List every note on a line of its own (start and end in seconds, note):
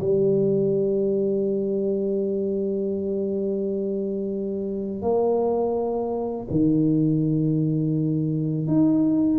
0.00 5.02 G3
5.02 6.47 A#3
6.51 8.67 D#3
8.67 9.39 D#4